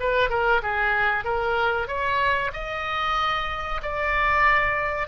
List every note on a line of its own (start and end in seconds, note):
0.00 0.30 B4
0.30 0.62 A#4
0.62 1.24 G#4
1.24 1.87 A#4
1.87 2.51 C#5
2.53 3.81 D#5
3.82 5.07 D5